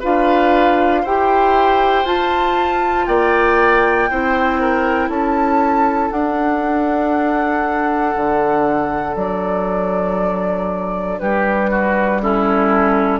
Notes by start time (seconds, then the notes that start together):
0.00 D4 F4 B4 F5
1.02 E4 G4 C5 G5
2.04 F4 A5
3.06 A#3 D5 G5
4.10 C4 E4 C5
4.60 A#4
5.09 C#4 A4 A5
6.11 D4 F#5
8.16 D3
9.16 F#3 D5
11.19 G3 G4 B4
11.71 F#4
12.22 C#4 E4 A4